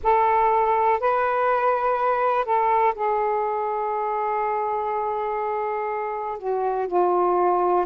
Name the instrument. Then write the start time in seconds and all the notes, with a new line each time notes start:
saxophone
0.03 A4
1.00 B4
2.44 A4
2.95 G#4
6.38 F#4
6.87 F4